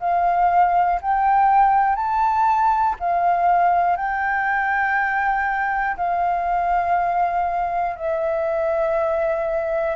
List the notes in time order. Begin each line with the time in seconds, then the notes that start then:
0.00 F5
1.01 G5
1.95 A5
2.99 F5
3.96 G5
5.96 F5
7.96 E5